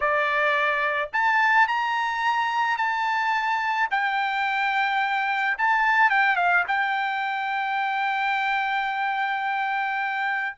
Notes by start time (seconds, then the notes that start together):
0.00 D5
1.12 A5
1.67 A#5
2.77 A5
3.90 G5
5.57 A5
6.10 G5
6.36 F5
6.67 G5